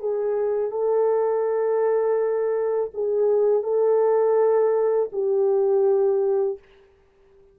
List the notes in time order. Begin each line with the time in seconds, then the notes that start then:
0.00 G#4
0.71 A4
2.94 G#4
3.63 A4
5.12 G4